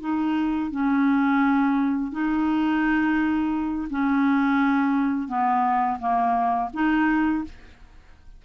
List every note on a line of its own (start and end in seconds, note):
0.00 0.71 D#4
0.71 2.11 C#4
2.11 3.88 D#4
3.90 5.28 C#4
5.28 5.98 B3
5.99 6.69 A#3
6.73 7.44 D#4